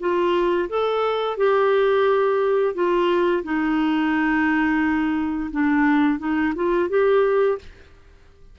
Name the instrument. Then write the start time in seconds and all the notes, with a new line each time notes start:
clarinet
0.00 F4
0.69 A4
1.37 G4
2.74 F4
3.44 D#4
5.51 D4
6.19 D#4
6.55 F4
6.89 G4